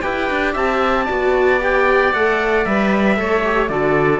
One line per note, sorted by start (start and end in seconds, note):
0.00 0.30 E4
0.00 1.07 G4
0.00 0.52 B4
0.00 0.53 G5
0.30 0.55 D4
0.52 1.07 C4
0.52 1.04 E5
0.52 1.61 A5
1.04 2.13 B3
1.04 1.59 F#4
1.04 3.15 D5
1.59 2.12 G4
1.59 2.12 G5
2.12 2.65 A3
2.12 2.66 A4
2.12 2.65 F#5
2.65 3.18 G3
2.65 3.17 B4
2.65 3.68 E5
3.17 3.69 A3
3.17 3.43 A4
3.17 3.71 C#5
3.44 3.70 G4
3.68 4.19 D3
3.68 4.19 F#4
3.68 4.19 A4
3.68 4.19 D5